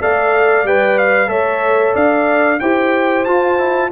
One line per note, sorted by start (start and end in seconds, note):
0.00 0.64 A3
0.00 0.66 A4
0.00 1.30 D5
0.00 0.67 F5
0.64 1.28 G3
0.64 1.27 B4
0.64 0.98 G5
0.98 1.29 F5
1.27 1.94 A3
1.27 2.58 A4
1.27 1.94 C#5
1.27 1.94 E5
1.94 2.60 D4
1.94 2.59 D5
1.94 2.60 F5
2.60 3.27 E4
2.60 3.27 G4
2.60 3.91 C5
2.60 3.25 G5
3.25 3.58 F4
3.25 3.92 F4
3.25 3.90 A5
3.58 3.91 E4